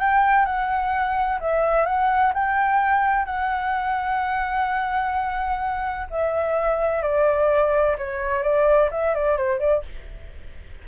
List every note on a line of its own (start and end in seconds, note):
0.00 0.46 G5
0.46 1.39 F#5
1.40 1.86 E5
1.86 2.33 F#5
2.34 3.26 G5
3.26 6.07 F#5
6.10 7.03 E5
7.03 7.96 D5
7.98 8.43 C#5
8.43 8.90 D5
8.91 9.15 E5
9.15 9.37 D5
9.37 9.60 C5
9.60 9.83 D5